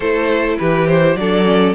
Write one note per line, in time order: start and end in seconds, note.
0.00 0.57 A3
0.00 1.18 E4
0.00 0.58 A4
0.00 0.56 C5
0.58 1.15 E3
0.58 1.17 G4
0.58 0.87 B4
0.87 1.16 C5
1.15 1.73 F#3
1.15 1.44 D4
1.15 1.75 A4
1.15 1.74 D5
1.44 1.73 C#4